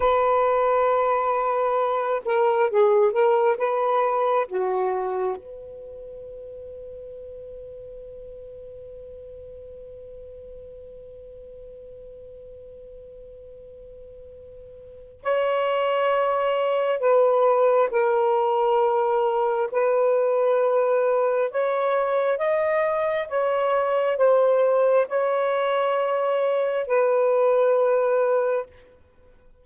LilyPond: \new Staff \with { instrumentName = "saxophone" } { \time 4/4 \tempo 4 = 67 b'2~ b'8 ais'8 gis'8 ais'8 | b'4 fis'4 b'2~ | b'1~ | b'1~ |
b'4 cis''2 b'4 | ais'2 b'2 | cis''4 dis''4 cis''4 c''4 | cis''2 b'2 | }